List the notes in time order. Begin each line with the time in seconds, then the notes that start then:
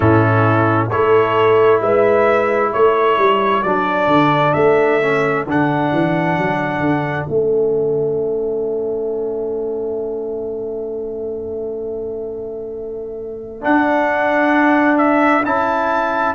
0.00 A2 C#4 E4 A4
0.90 A3 E4 A4 C#5
1.80 G#3 B4 E5
2.72 A3 A4 C#5
3.17 G3
3.62 F#3 D4 D5
4.07 D3
4.53 A3 E5
5.01 C#4
5.46 D3 D4 F#5
5.92 E3
6.38 F#3
6.80 D3
7.25 A3 C#4 E5
13.61 D4 F#5
14.98 E5
15.45 C#4 E4 A5